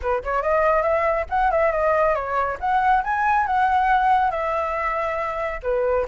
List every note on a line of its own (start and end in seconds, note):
0.01 0.23 B4
0.23 0.42 C#5
0.42 0.82 D#5
0.82 1.25 E5
1.29 1.51 F#5
1.51 1.71 E5
1.71 2.14 D#5
2.14 2.57 C#5
2.60 3.03 F#5
3.03 3.46 G#5
3.46 4.30 F#5
4.30 5.60 E5
5.63 6.06 B4